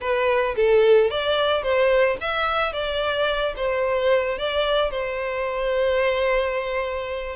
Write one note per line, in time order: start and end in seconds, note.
0.00 0.55 B4
0.56 1.10 A4
1.10 1.62 D5
1.62 2.17 C5
2.20 2.72 E5
2.72 3.54 D5
3.56 4.38 C5
4.38 4.91 D5
4.91 7.36 C5